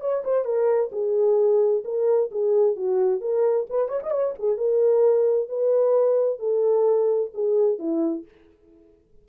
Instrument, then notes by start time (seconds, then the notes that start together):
horn
0.00 C#5
0.24 C5
0.44 A#4
0.92 G#4
1.84 A#4
2.31 G#4
2.76 F#4
3.21 A#4
3.69 B4
3.88 C#5
4.03 D#5
4.11 C#5
4.38 G#4
4.57 A#4
5.49 B4
6.39 A4
7.33 G#4
7.78 E4